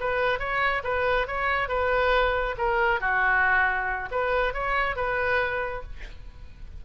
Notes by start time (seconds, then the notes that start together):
0.00 B4
0.39 C#5
0.83 B4
1.27 C#5
1.68 B4
2.57 A#4
3.00 F#4
4.11 B4
4.53 C#5
4.96 B4